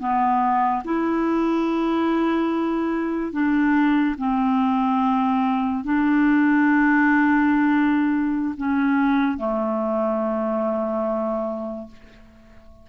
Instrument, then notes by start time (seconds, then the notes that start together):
clarinet
0.00 B3
0.85 E4
3.33 D4
4.19 C4
5.84 D4
8.58 C#4
9.38 A3